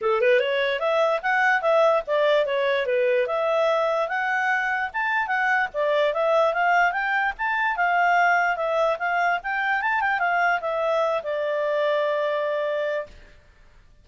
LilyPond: \new Staff \with { instrumentName = "clarinet" } { \time 4/4 \tempo 4 = 147 a'8 b'8 cis''4 e''4 fis''4 | e''4 d''4 cis''4 b'4 | e''2 fis''2 | a''4 fis''4 d''4 e''4 |
f''4 g''4 a''4 f''4~ | f''4 e''4 f''4 g''4 | a''8 g''8 f''4 e''4. d''8~ | d''1 | }